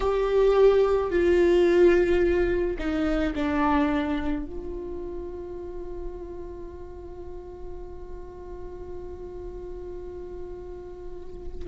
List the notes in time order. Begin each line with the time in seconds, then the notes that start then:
0.00 G4
1.10 F4
2.78 D#4
3.35 D4
4.45 F4